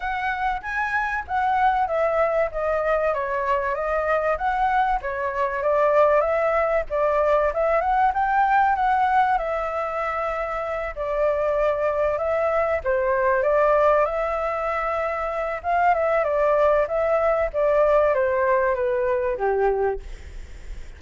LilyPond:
\new Staff \with { instrumentName = "flute" } { \time 4/4 \tempo 4 = 96 fis''4 gis''4 fis''4 e''4 | dis''4 cis''4 dis''4 fis''4 | cis''4 d''4 e''4 d''4 | e''8 fis''8 g''4 fis''4 e''4~ |
e''4. d''2 e''8~ | e''8 c''4 d''4 e''4.~ | e''4 f''8 e''8 d''4 e''4 | d''4 c''4 b'4 g'4 | }